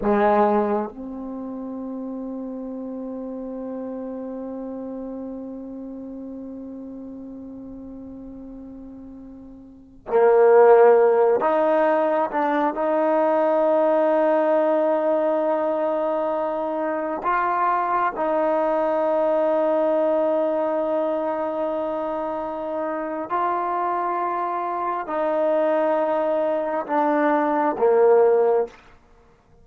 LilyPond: \new Staff \with { instrumentName = "trombone" } { \time 4/4 \tempo 4 = 67 gis4 c'2.~ | c'1~ | c'2.~ c'16 ais8.~ | ais8. dis'4 d'8 dis'4.~ dis'16~ |
dis'2.~ dis'16 f'8.~ | f'16 dis'2.~ dis'8.~ | dis'2 f'2 | dis'2 d'4 ais4 | }